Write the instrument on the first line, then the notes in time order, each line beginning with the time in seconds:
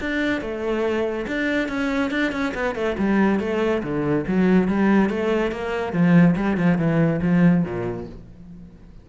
cello
0.00 D4
0.41 A3
1.27 D4
1.68 C#4
2.10 D4
2.32 C#4
2.54 B3
2.75 A3
2.98 G3
3.40 A3
3.82 D3
4.27 F#3
4.68 G3
5.09 A3
5.51 A#3
5.92 F3
6.36 G3
6.57 F3
6.78 E3
7.22 F3
7.64 A#2